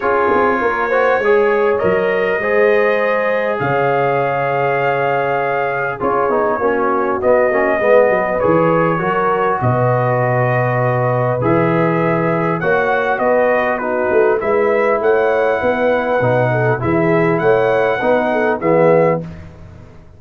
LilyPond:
<<
  \new Staff \with { instrumentName = "trumpet" } { \time 4/4 \tempo 4 = 100 cis''2. dis''4~ | dis''2 f''2~ | f''2 cis''2 | dis''2 cis''2 |
dis''2. e''4~ | e''4 fis''4 dis''4 b'4 | e''4 fis''2. | e''4 fis''2 e''4 | }
  \new Staff \with { instrumentName = "horn" } { \time 4/4 gis'4 ais'8 c''8 cis''2 | c''2 cis''2~ | cis''2 gis'4 fis'4~ | fis'4 b'2 ais'4 |
b'1~ | b'4 cis''4 b'4 fis'4 | b'4 cis''4 b'4. a'8 | gis'4 cis''4 b'8 a'8 gis'4 | }
  \new Staff \with { instrumentName = "trombone" } { \time 4/4 f'4. fis'8 gis'4 ais'4 | gis'1~ | gis'2 f'8 dis'8 cis'4 | b8 cis'8 b4 gis'4 fis'4~ |
fis'2. gis'4~ | gis'4 fis'2 dis'4 | e'2. dis'4 | e'2 dis'4 b4 | }
  \new Staff \with { instrumentName = "tuba" } { \time 4/4 cis'8 c'8 ais4 gis4 fis4 | gis2 cis2~ | cis2 cis'8 b8 ais4 | b8 ais8 gis8 fis8 e4 fis4 |
b,2. e4~ | e4 ais4 b4. a8 | gis4 a4 b4 b,4 | e4 a4 b4 e4 | }
>>